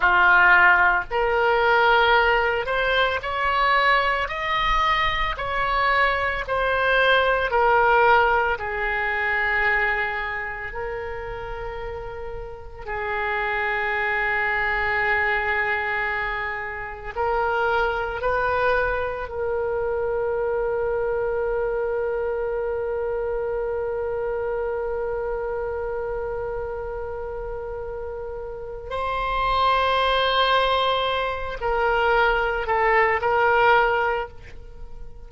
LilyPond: \new Staff \with { instrumentName = "oboe" } { \time 4/4 \tempo 4 = 56 f'4 ais'4. c''8 cis''4 | dis''4 cis''4 c''4 ais'4 | gis'2 ais'2 | gis'1 |
ais'4 b'4 ais'2~ | ais'1~ | ais'2. c''4~ | c''4. ais'4 a'8 ais'4 | }